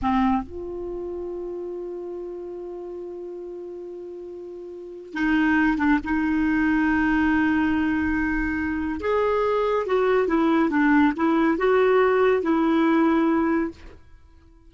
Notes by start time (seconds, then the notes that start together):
0.02 C4
0.42 F4
5.13 D#4
5.77 D4
6.04 D#4
9.00 G#4
9.86 F#4
10.27 E4
10.70 D4
11.16 E4
11.57 F#4
12.42 E4